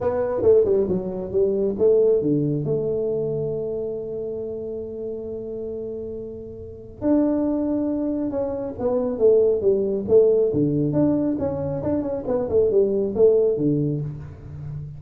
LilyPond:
\new Staff \with { instrumentName = "tuba" } { \time 4/4 \tempo 4 = 137 b4 a8 g8 fis4 g4 | a4 d4 a2~ | a1~ | a1 |
d'2. cis'4 | b4 a4 g4 a4 | d4 d'4 cis'4 d'8 cis'8 | b8 a8 g4 a4 d4 | }